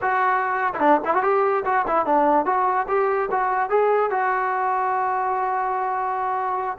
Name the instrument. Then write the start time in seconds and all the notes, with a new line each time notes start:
trombone
0.01 F#4
0.74 D4 E4
1.04 E4
1.14 F#4
1.23 G4
1.65 F#4
1.87 E4
2.05 D4
2.45 F#4
2.88 G4
3.31 F#4
3.69 G#4
4.10 F#4